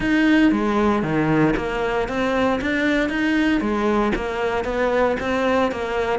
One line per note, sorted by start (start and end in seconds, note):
0.00 0.51 D#4
0.51 1.02 G#3
1.02 1.54 D#3
1.56 2.08 A#3
2.08 2.60 C4
2.61 3.09 D4
3.09 3.60 D#4
3.60 4.12 G#3
4.15 4.64 A#3
4.64 5.16 B3
5.20 5.71 C4
5.71 6.19 A#3